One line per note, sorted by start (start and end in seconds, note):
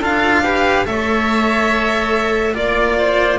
0.00 0.85 D4
0.00 0.43 F4
0.00 0.42 A4
0.00 0.85 F5
0.43 0.85 G4
0.43 0.86 B4
0.85 2.54 A3
0.85 2.54 A4
0.85 2.54 C#5
0.85 2.54 E5
2.54 3.38 A#3
2.54 3.38 F4
2.54 2.96 D5
2.54 3.38 D5
2.98 3.38 C5